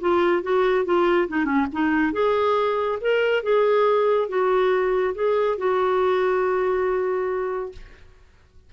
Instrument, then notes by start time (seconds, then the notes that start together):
clarinet
0.00 F4
0.42 F#4
0.85 F4
1.28 D#4
1.45 C#4
1.72 D#4
2.12 G#4
3.01 A#4
3.43 G#4
4.28 F#4
5.14 G#4
5.58 F#4